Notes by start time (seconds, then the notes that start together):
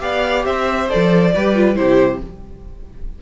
0.00 B3 G4 D5 F5
0.45 C4 C5 E5
0.89 F3 A4 D5
1.35 G3 G4 B4
1.55 F4
1.75 C3 E4 G4 C5